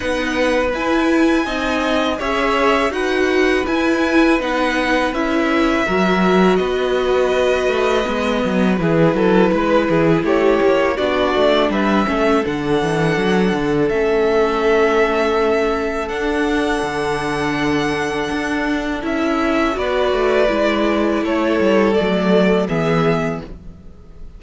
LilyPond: <<
  \new Staff \with { instrumentName = "violin" } { \time 4/4 \tempo 4 = 82 fis''4 gis''2 e''4 | fis''4 gis''4 fis''4 e''4~ | e''4 dis''2. | b'2 cis''4 d''4 |
e''4 fis''2 e''4~ | e''2 fis''2~ | fis''2 e''4 d''4~ | d''4 cis''4 d''4 e''4 | }
  \new Staff \with { instrumentName = "violin" } { \time 4/4 b'2 dis''4 cis''4 | b'1 | ais'4 b'2. | gis'8 a'8 b'8 gis'8 g'4 fis'4 |
b'8 a'2.~ a'8~ | a'1~ | a'2. b'4~ | b'4 a'2 gis'4 | }
  \new Staff \with { instrumentName = "viola" } { \time 4/4 dis'4 e'4 dis'4 gis'4 | fis'4 e'4 dis'4 e'4 | fis'2. b4 | e'2. d'4~ |
d'8 cis'8 d'2 cis'4~ | cis'2 d'2~ | d'2 e'4 fis'4 | e'2 a4 b4 | }
  \new Staff \with { instrumentName = "cello" } { \time 4/4 b4 e'4 c'4 cis'4 | dis'4 e'4 b4 cis'4 | fis4 b4. a8 gis8 fis8 | e8 fis8 gis8 e8 a8 ais8 b8 a8 |
g8 a8 d8 e8 fis8 d8 a4~ | a2 d'4 d4~ | d4 d'4 cis'4 b8 a8 | gis4 a8 g8 fis4 e4 | }
>>